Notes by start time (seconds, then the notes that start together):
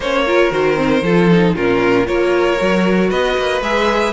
0.00 A#3 C#4 C5 C#5
0.26 F4 A#4
0.50 D#3 F#4 C5
0.75 C4
1.02 F3 F4 A4
1.31 D#4
1.55 A#2 C#4 F4 A#4
2.05 A#3 F4 A#4 C#5
2.58 F#3 F#4
3.09 B3 B4 D#5
3.37 A#3
3.61 G#3 G#4 E5